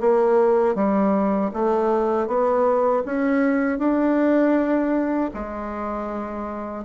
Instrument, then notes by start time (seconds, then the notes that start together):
bassoon
0.00 A#3
0.75 G3
1.53 A3
2.27 B3
3.05 C#4
3.78 D4
5.34 G#3